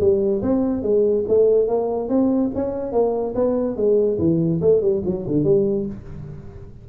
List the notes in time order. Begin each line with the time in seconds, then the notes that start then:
0.00 G3
0.42 C4
0.83 G#3
1.28 A3
1.68 A#3
2.09 C4
2.55 C#4
2.92 A#3
3.35 B3
3.76 G#3
4.19 E3
4.62 A3
4.81 G3
5.05 F#3
5.27 D3
5.44 G3